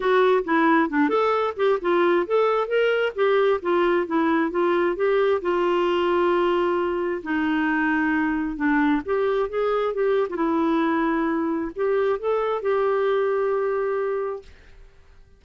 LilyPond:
\new Staff \with { instrumentName = "clarinet" } { \time 4/4 \tempo 4 = 133 fis'4 e'4 d'8 a'4 g'8 | f'4 a'4 ais'4 g'4 | f'4 e'4 f'4 g'4 | f'1 |
dis'2. d'4 | g'4 gis'4 g'8. f'16 e'4~ | e'2 g'4 a'4 | g'1 | }